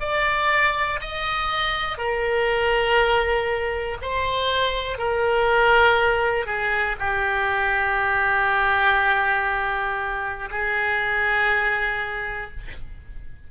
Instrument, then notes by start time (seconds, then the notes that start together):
oboe
0.00 D5
1.00 D#5
1.98 A#4
4.01 C5
4.98 A#4
6.46 G#4
6.99 G4
10.50 G#4